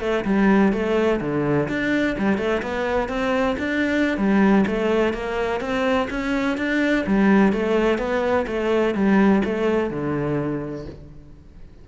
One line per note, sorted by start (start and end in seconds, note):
0.00 0.24 A3
0.24 0.72 G3
0.72 1.20 A3
1.20 1.68 D3
1.68 2.16 D4
2.18 2.37 G3
2.37 2.61 A3
2.62 3.08 B3
3.08 3.56 C4
3.58 4.17 D4
4.17 4.65 G3
4.66 5.13 A3
5.13 5.60 A#3
5.60 6.08 C4
6.10 6.57 C#4
6.57 7.05 D4
7.06 7.52 G3
7.52 7.98 A3
7.98 8.45 B3
8.47 8.94 A3
8.94 9.42 G3
9.44 9.90 A3
9.90 10.85 D3